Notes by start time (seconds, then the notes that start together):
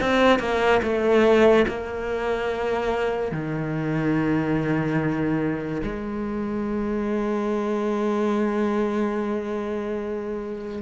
0.00 C4
0.39 A#3
0.83 A3
1.68 A#3
3.32 D#3
5.83 G#3